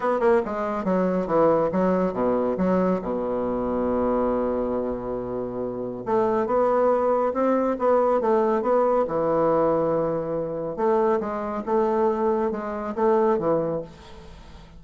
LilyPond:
\new Staff \with { instrumentName = "bassoon" } { \time 4/4 \tempo 4 = 139 b8 ais8 gis4 fis4 e4 | fis4 b,4 fis4 b,4~ | b,1~ | b,2 a4 b4~ |
b4 c'4 b4 a4 | b4 e2.~ | e4 a4 gis4 a4~ | a4 gis4 a4 e4 | }